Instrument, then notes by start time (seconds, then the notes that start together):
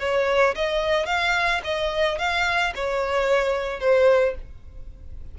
violin
0.00 C#5
0.56 D#5
1.06 F5
1.64 D#5
2.18 F5
2.75 C#5
3.80 C5